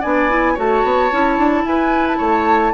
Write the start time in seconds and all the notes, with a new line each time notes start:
0.00 B3 D4 D5 G#5
0.29 E4
0.54 A3 F#4 C#5 A5
0.83 B3
1.11 C#4 E4
1.38 D4
1.63 E4 B4 G#5
2.07 A5
2.17 A3 C#5